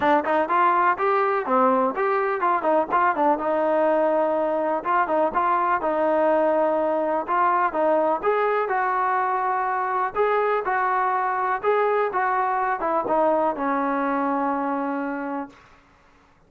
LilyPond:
\new Staff \with { instrumentName = "trombone" } { \time 4/4 \tempo 4 = 124 d'8 dis'8 f'4 g'4 c'4 | g'4 f'8 dis'8 f'8 d'8 dis'4~ | dis'2 f'8 dis'8 f'4 | dis'2. f'4 |
dis'4 gis'4 fis'2~ | fis'4 gis'4 fis'2 | gis'4 fis'4. e'8 dis'4 | cis'1 | }